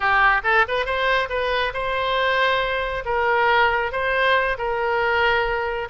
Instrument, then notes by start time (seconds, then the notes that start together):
oboe
0.00 G4
0.43 A4
0.68 B4
0.85 C5
1.29 B4
1.73 C5
3.05 A#4
3.92 C5
4.58 A#4